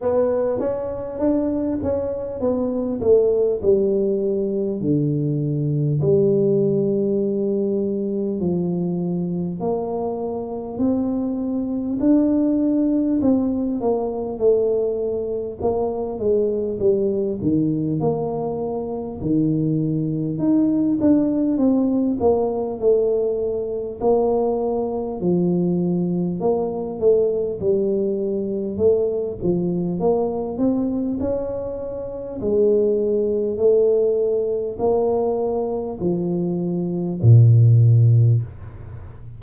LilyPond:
\new Staff \with { instrumentName = "tuba" } { \time 4/4 \tempo 4 = 50 b8 cis'8 d'8 cis'8 b8 a8 g4 | d4 g2 f4 | ais4 c'4 d'4 c'8 ais8 | a4 ais8 gis8 g8 dis8 ais4 |
dis4 dis'8 d'8 c'8 ais8 a4 | ais4 f4 ais8 a8 g4 | a8 f8 ais8 c'8 cis'4 gis4 | a4 ais4 f4 ais,4 | }